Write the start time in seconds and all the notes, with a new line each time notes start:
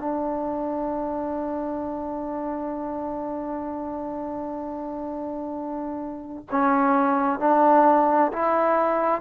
0.00 D4
6.52 C#4
7.40 D4
8.33 E4